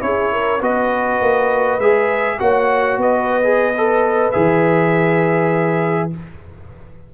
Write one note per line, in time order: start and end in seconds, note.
0.00 0.61 C#4
0.00 0.59 E4
0.00 0.33 G#4
0.00 0.61 C#5
0.33 0.61 A#4
0.61 1.21 B3
0.61 1.80 F#4
0.61 2.39 B4
0.61 1.80 D#5
1.22 1.79 A#3
1.79 2.38 G#3
1.79 2.39 G#4
1.79 2.39 E5
2.39 2.97 A#3
2.39 3.43 F#4
2.39 3.00 C#5
2.39 2.99 F#5
2.97 4.31 B3
2.97 6.13 B4
2.97 4.32 D#5
3.43 3.73 G#4
3.77 4.33 A4
4.32 6.14 E3
4.32 6.11 G#4
4.32 6.10 E5